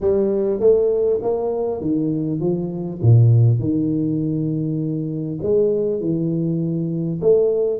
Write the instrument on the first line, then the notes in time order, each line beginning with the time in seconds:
tuba
0.00 G3
0.60 A3
1.22 A#3
1.81 D#3
2.40 F3
3.02 A#2
3.59 D#3
5.42 G#3
6.00 E3
7.21 A3